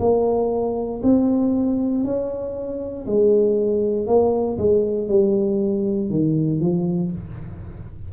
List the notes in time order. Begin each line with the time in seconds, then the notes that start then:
0.00 A#3
1.03 C4
2.04 C#4
3.06 G#3
4.07 A#3
4.58 G#3
5.08 G3
6.10 D#3
6.61 F3